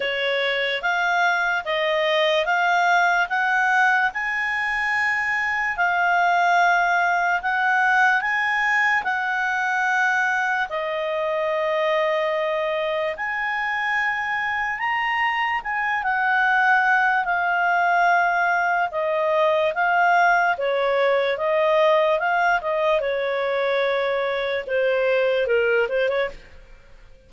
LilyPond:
\new Staff \with { instrumentName = "clarinet" } { \time 4/4 \tempo 4 = 73 cis''4 f''4 dis''4 f''4 | fis''4 gis''2 f''4~ | f''4 fis''4 gis''4 fis''4~ | fis''4 dis''2. |
gis''2 ais''4 gis''8 fis''8~ | fis''4 f''2 dis''4 | f''4 cis''4 dis''4 f''8 dis''8 | cis''2 c''4 ais'8 c''16 cis''16 | }